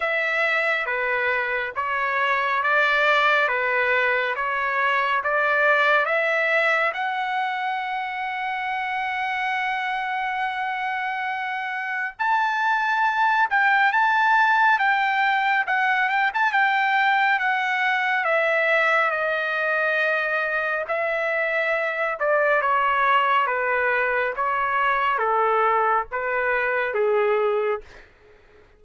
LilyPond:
\new Staff \with { instrumentName = "trumpet" } { \time 4/4 \tempo 4 = 69 e''4 b'4 cis''4 d''4 | b'4 cis''4 d''4 e''4 | fis''1~ | fis''2 a''4. g''8 |
a''4 g''4 fis''8 g''16 a''16 g''4 | fis''4 e''4 dis''2 | e''4. d''8 cis''4 b'4 | cis''4 a'4 b'4 gis'4 | }